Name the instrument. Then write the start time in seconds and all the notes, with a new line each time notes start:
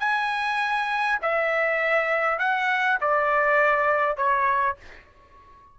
trumpet
0.00 G#5
1.22 E5
2.39 F#5
3.01 D5
4.17 C#5